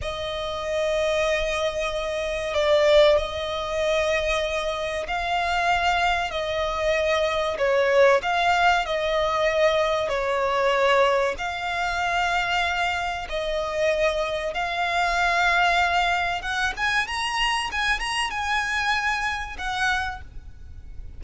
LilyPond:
\new Staff \with { instrumentName = "violin" } { \time 4/4 \tempo 4 = 95 dis''1 | d''4 dis''2. | f''2 dis''2 | cis''4 f''4 dis''2 |
cis''2 f''2~ | f''4 dis''2 f''4~ | f''2 fis''8 gis''8 ais''4 | gis''8 ais''8 gis''2 fis''4 | }